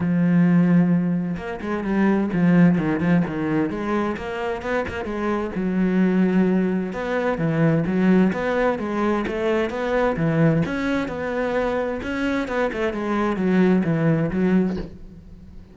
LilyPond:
\new Staff \with { instrumentName = "cello" } { \time 4/4 \tempo 4 = 130 f2. ais8 gis8 | g4 f4 dis8 f8 dis4 | gis4 ais4 b8 ais8 gis4 | fis2. b4 |
e4 fis4 b4 gis4 | a4 b4 e4 cis'4 | b2 cis'4 b8 a8 | gis4 fis4 e4 fis4 | }